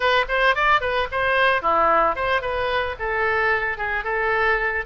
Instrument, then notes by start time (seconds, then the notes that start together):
oboe
0.00 B4
0.28 C5
0.55 D5
0.80 B4
1.11 C5
1.62 E4
2.15 C5
2.41 B4
2.99 A4
3.77 G#4
4.04 A4